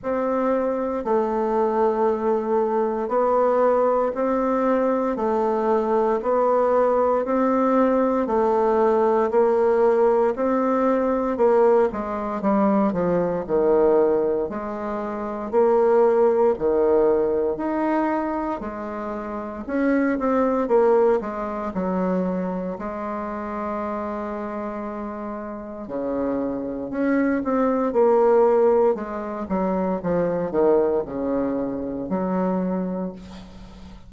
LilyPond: \new Staff \with { instrumentName = "bassoon" } { \time 4/4 \tempo 4 = 58 c'4 a2 b4 | c'4 a4 b4 c'4 | a4 ais4 c'4 ais8 gis8 | g8 f8 dis4 gis4 ais4 |
dis4 dis'4 gis4 cis'8 c'8 | ais8 gis8 fis4 gis2~ | gis4 cis4 cis'8 c'8 ais4 | gis8 fis8 f8 dis8 cis4 fis4 | }